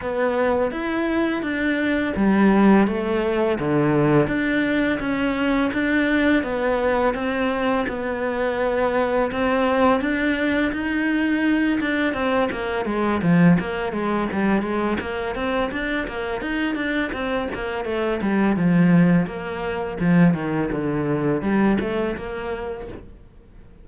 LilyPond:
\new Staff \with { instrumentName = "cello" } { \time 4/4 \tempo 4 = 84 b4 e'4 d'4 g4 | a4 d4 d'4 cis'4 | d'4 b4 c'4 b4~ | b4 c'4 d'4 dis'4~ |
dis'8 d'8 c'8 ais8 gis8 f8 ais8 gis8 | g8 gis8 ais8 c'8 d'8 ais8 dis'8 d'8 | c'8 ais8 a8 g8 f4 ais4 | f8 dis8 d4 g8 a8 ais4 | }